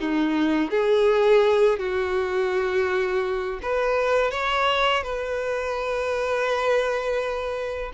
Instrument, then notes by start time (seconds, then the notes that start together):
violin
0.00 D#4
0.70 G#4
1.79 F#4
3.62 B4
4.31 C#5
5.02 B4